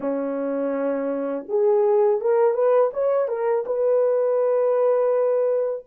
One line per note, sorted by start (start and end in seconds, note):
0.00 1.46 C#4
1.48 2.21 G#4
2.21 2.54 A#4
2.54 2.90 B4
2.93 3.28 C#5
3.28 3.64 A#4
3.66 5.85 B4